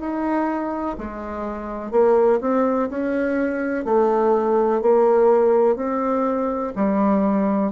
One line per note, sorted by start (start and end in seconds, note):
0.00 0.97 D#4
0.99 1.91 G#3
1.91 2.40 A#3
2.41 2.90 C4
2.90 3.85 C#4
3.85 4.82 A3
4.82 5.77 A#3
5.77 6.73 C4
6.76 7.72 G3